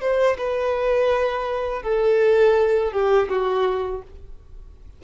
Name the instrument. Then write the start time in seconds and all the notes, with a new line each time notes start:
violin
0.00 C5
0.37 B4
1.82 A4
2.92 G4
3.29 F#4